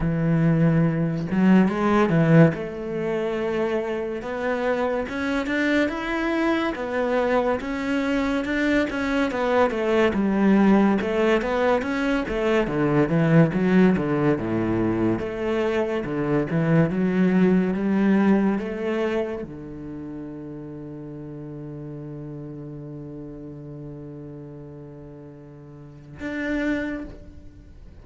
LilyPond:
\new Staff \with { instrumentName = "cello" } { \time 4/4 \tempo 4 = 71 e4. fis8 gis8 e8 a4~ | a4 b4 cis'8 d'8 e'4 | b4 cis'4 d'8 cis'8 b8 a8 | g4 a8 b8 cis'8 a8 d8 e8 |
fis8 d8 a,4 a4 d8 e8 | fis4 g4 a4 d4~ | d1~ | d2. d'4 | }